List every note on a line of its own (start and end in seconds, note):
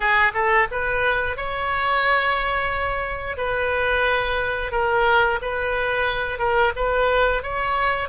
0.00 0.32 G#4
0.34 0.67 A4
0.71 1.36 B4
1.36 3.37 C#5
3.37 4.71 B4
4.71 5.39 A#4
5.41 6.38 B4
6.38 6.72 A#4
6.76 7.42 B4
7.42 8.08 C#5